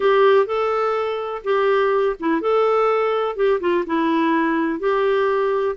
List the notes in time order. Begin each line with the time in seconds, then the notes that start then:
0.00 G4
0.46 A4
1.44 G4
2.19 E4
2.41 A4
3.36 G4
3.60 F4
3.86 E4
4.79 G4